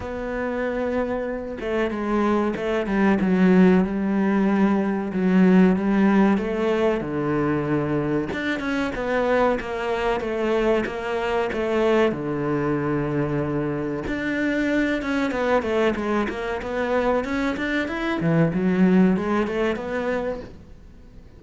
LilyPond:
\new Staff \with { instrumentName = "cello" } { \time 4/4 \tempo 4 = 94 b2~ b8 a8 gis4 | a8 g8 fis4 g2 | fis4 g4 a4 d4~ | d4 d'8 cis'8 b4 ais4 |
a4 ais4 a4 d4~ | d2 d'4. cis'8 | b8 a8 gis8 ais8 b4 cis'8 d'8 | e'8 e8 fis4 gis8 a8 b4 | }